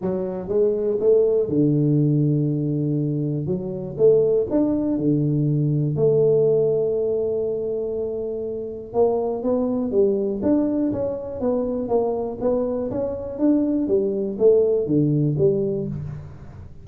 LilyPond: \new Staff \with { instrumentName = "tuba" } { \time 4/4 \tempo 4 = 121 fis4 gis4 a4 d4~ | d2. fis4 | a4 d'4 d2 | a1~ |
a2 ais4 b4 | g4 d'4 cis'4 b4 | ais4 b4 cis'4 d'4 | g4 a4 d4 g4 | }